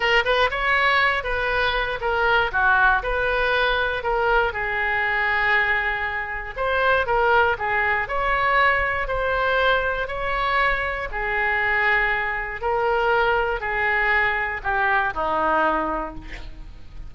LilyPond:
\new Staff \with { instrumentName = "oboe" } { \time 4/4 \tempo 4 = 119 ais'8 b'8 cis''4. b'4. | ais'4 fis'4 b'2 | ais'4 gis'2.~ | gis'4 c''4 ais'4 gis'4 |
cis''2 c''2 | cis''2 gis'2~ | gis'4 ais'2 gis'4~ | gis'4 g'4 dis'2 | }